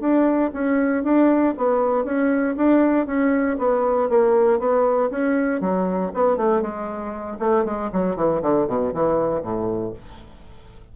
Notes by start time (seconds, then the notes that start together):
0.00 D4
0.53 C#4
1.03 D4
1.57 B3
2.04 C#4
2.57 D4
3.06 C#4
3.58 B3
4.09 A#3
4.59 B3
5.10 C#4
5.61 F#3
6.14 B3
6.37 A3
6.61 G#3
7.39 A3
7.65 G#3
7.92 F#3
8.16 E3
8.42 D3
8.67 B2
8.94 E3
9.42 A2